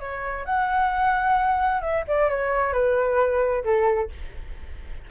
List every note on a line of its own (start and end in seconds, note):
0.00 0.45 C#5
0.45 1.82 F#5
1.82 2.04 E5
2.08 2.30 D5
2.30 2.73 C#5
2.73 3.64 B4
3.64 4.10 A4